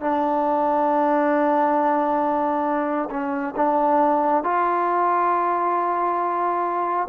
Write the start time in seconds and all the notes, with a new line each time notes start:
0.00 D4
3.10 C#4
3.56 D4
4.43 F4